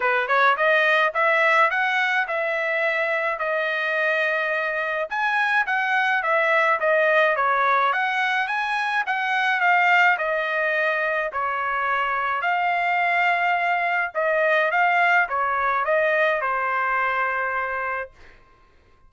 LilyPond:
\new Staff \with { instrumentName = "trumpet" } { \time 4/4 \tempo 4 = 106 b'8 cis''8 dis''4 e''4 fis''4 | e''2 dis''2~ | dis''4 gis''4 fis''4 e''4 | dis''4 cis''4 fis''4 gis''4 |
fis''4 f''4 dis''2 | cis''2 f''2~ | f''4 dis''4 f''4 cis''4 | dis''4 c''2. | }